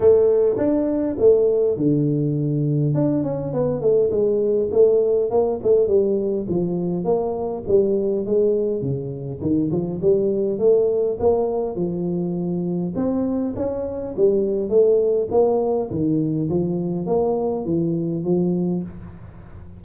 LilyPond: \new Staff \with { instrumentName = "tuba" } { \time 4/4 \tempo 4 = 102 a4 d'4 a4 d4~ | d4 d'8 cis'8 b8 a8 gis4 | a4 ais8 a8 g4 f4 | ais4 g4 gis4 cis4 |
dis8 f8 g4 a4 ais4 | f2 c'4 cis'4 | g4 a4 ais4 dis4 | f4 ais4 e4 f4 | }